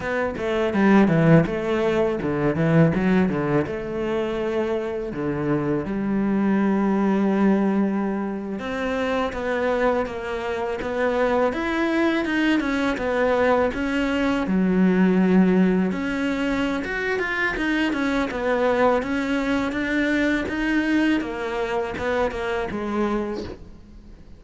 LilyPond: \new Staff \with { instrumentName = "cello" } { \time 4/4 \tempo 4 = 82 b8 a8 g8 e8 a4 d8 e8 | fis8 d8 a2 d4 | g2.~ g8. c'16~ | c'8. b4 ais4 b4 e'16~ |
e'8. dis'8 cis'8 b4 cis'4 fis16~ | fis4.~ fis16 cis'4~ cis'16 fis'8 f'8 | dis'8 cis'8 b4 cis'4 d'4 | dis'4 ais4 b8 ais8 gis4 | }